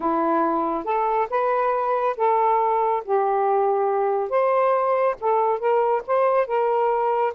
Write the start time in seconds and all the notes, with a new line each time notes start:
0.00 E4
0.84 A4
1.29 B4
2.16 A4
3.04 G4
4.29 C5
5.20 A4
5.59 A#4
6.06 C5
6.46 A#4